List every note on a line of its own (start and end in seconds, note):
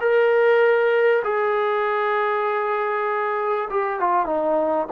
0.00 1.22 A#4
1.24 3.69 G#4
3.70 3.99 G4
3.99 4.26 F4
4.26 4.87 D#4